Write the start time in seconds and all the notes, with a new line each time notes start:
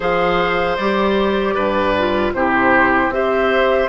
0.00 F3 G#4 C5 F5
0.76 G3 G4 D5
1.54 G2 B4
1.97 F4
2.33 C3 E4 G4 C5
3.08 C4 G4 C5 E5